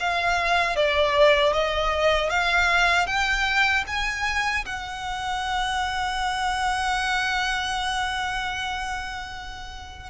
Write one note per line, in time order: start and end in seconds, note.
0.00 0.76 F5
0.76 1.53 D5
1.53 2.30 D#5
2.30 3.07 F5
3.07 3.85 G5
3.87 4.65 G#5
4.66 10.10 F#5